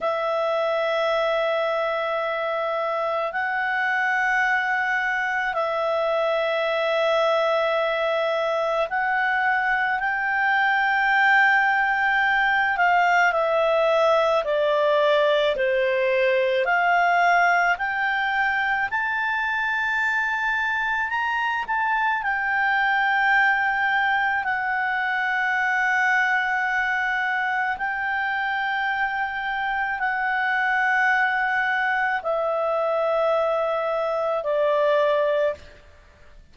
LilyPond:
\new Staff \with { instrumentName = "clarinet" } { \time 4/4 \tempo 4 = 54 e''2. fis''4~ | fis''4 e''2. | fis''4 g''2~ g''8 f''8 | e''4 d''4 c''4 f''4 |
g''4 a''2 ais''8 a''8 | g''2 fis''2~ | fis''4 g''2 fis''4~ | fis''4 e''2 d''4 | }